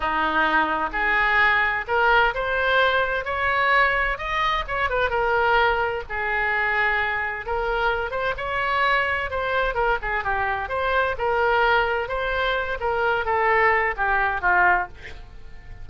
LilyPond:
\new Staff \with { instrumentName = "oboe" } { \time 4/4 \tempo 4 = 129 dis'2 gis'2 | ais'4 c''2 cis''4~ | cis''4 dis''4 cis''8 b'8 ais'4~ | ais'4 gis'2. |
ais'4. c''8 cis''2 | c''4 ais'8 gis'8 g'4 c''4 | ais'2 c''4. ais'8~ | ais'8 a'4. g'4 f'4 | }